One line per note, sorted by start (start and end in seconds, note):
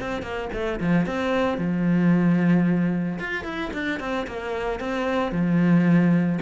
0.00 0.22 C4
0.22 0.49 A#3
0.53 0.80 A3
0.80 1.06 F3
1.06 1.58 C4
1.58 3.18 F3
3.19 3.44 F4
3.44 3.71 E4
3.73 4.00 D4
4.00 4.26 C4
4.27 4.80 A#3
4.80 5.32 C4
5.32 6.39 F3